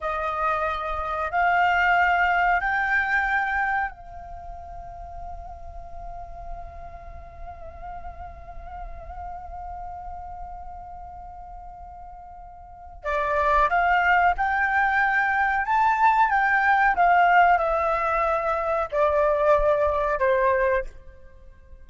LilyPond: \new Staff \with { instrumentName = "flute" } { \time 4/4 \tempo 4 = 92 dis''2 f''2 | g''2 f''2~ | f''1~ | f''1~ |
f''1 | d''4 f''4 g''2 | a''4 g''4 f''4 e''4~ | e''4 d''2 c''4 | }